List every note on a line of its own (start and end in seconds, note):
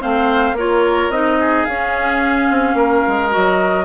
0.00 0.53 A3
0.00 0.55 C4
0.00 0.56 C5
0.00 0.57 F5
0.53 1.08 A#3
0.53 1.13 F4
0.53 1.39 A#4
0.53 1.11 C#5
1.09 1.64 C4
1.09 1.68 D#4
1.09 1.65 D#5
1.40 2.77 G#4
1.65 2.50 C#4
1.65 3.30 C#4
1.65 3.30 F5
2.50 2.74 C4
2.74 3.01 A#3
2.74 3.85 A#4
3.07 3.35 G#3
3.30 3.85 F#4
3.30 3.85 D#5
3.36 3.85 F#3